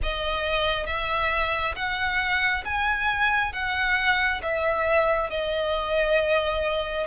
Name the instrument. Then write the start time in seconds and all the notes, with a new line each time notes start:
violin
0.02 D#5
0.86 E5
1.75 F#5
2.65 G#5
3.53 F#5
4.42 E5
5.30 D#5